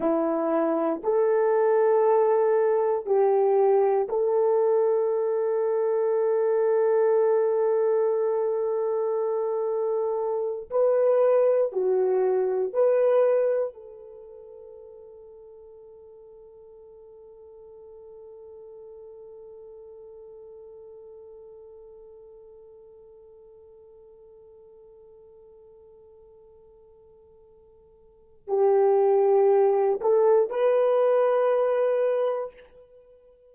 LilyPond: \new Staff \with { instrumentName = "horn" } { \time 4/4 \tempo 4 = 59 e'4 a'2 g'4 | a'1~ | a'2~ a'8 b'4 fis'8~ | fis'8 b'4 a'2~ a'8~ |
a'1~ | a'1~ | a'1 | g'4. a'8 b'2 | }